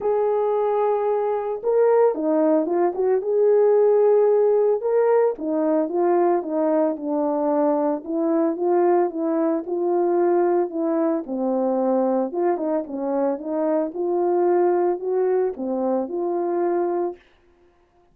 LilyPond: \new Staff \with { instrumentName = "horn" } { \time 4/4 \tempo 4 = 112 gis'2. ais'4 | dis'4 f'8 fis'8 gis'2~ | gis'4 ais'4 dis'4 f'4 | dis'4 d'2 e'4 |
f'4 e'4 f'2 | e'4 c'2 f'8 dis'8 | cis'4 dis'4 f'2 | fis'4 c'4 f'2 | }